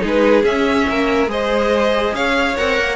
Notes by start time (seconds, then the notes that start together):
0.00 G#3 D#4 G#4
0.07 B4
0.43 C#4 E5
0.89 A#3 A#4
1.26 G#3 G#4 C5 D#5
2.13 C#4 C#5 F5
2.57 C4 A#4 F#5
2.79 A#3